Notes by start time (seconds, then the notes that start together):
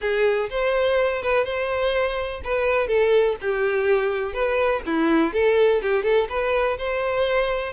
0.01 G#4
0.50 C5
1.22 B4
1.44 C5
2.44 B4
2.87 A4
3.41 G4
4.33 B4
4.85 E4
5.33 A4
5.82 G4
6.03 A4
6.29 B4
6.77 C5